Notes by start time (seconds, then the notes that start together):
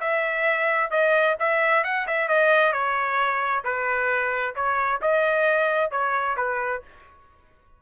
0.00 E5
0.90 D#5
1.39 E5
1.84 F#5
2.07 E5
2.28 D#5
2.73 C#5
3.64 B4
4.55 C#5
5.01 D#5
5.91 C#5
6.36 B4